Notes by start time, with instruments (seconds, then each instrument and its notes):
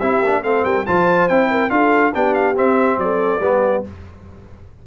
0.00 tuba C4, trombone E4, horn G4, trumpet E5
0.23 tuba A#3, trombone D4
0.43 tuba A3, trombone C4, horn A4, trumpet F5
0.65 tuba G3, horn A#4, trumpet G5
0.86 tuba F3, trombone F4, horn C5, trumpet A5
1.29 tuba C4, trombone E4, trumpet G5
1.50 horn A#4
1.70 tuba D4, trombone F4, horn A4, trumpet F5
2.14 tuba B3, trombone D4, horn G4, trumpet G5
2.34 trumpet F5
2.56 trombone C4, tuba C4, trumpet E5
2.98 tuba F#3, horn A4, trumpet D5
3.40 tuba G3, trombone B3, horn G4